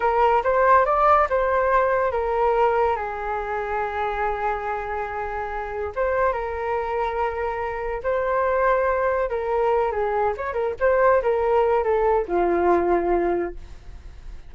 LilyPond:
\new Staff \with { instrumentName = "flute" } { \time 4/4 \tempo 4 = 142 ais'4 c''4 d''4 c''4~ | c''4 ais'2 gis'4~ | gis'1~ | gis'2 c''4 ais'4~ |
ais'2. c''4~ | c''2 ais'4. gis'8~ | gis'8 cis''8 ais'8 c''4 ais'4. | a'4 f'2. | }